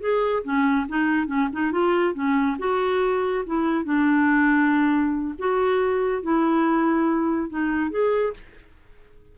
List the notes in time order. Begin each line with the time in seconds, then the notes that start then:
0.00 G#4
0.44 C#4
0.88 D#4
1.27 C#4
1.52 D#4
1.71 F4
2.14 C#4
2.59 F#4
3.46 E4
3.84 D4
5.38 F#4
6.22 E4
7.49 D#4
7.90 G#4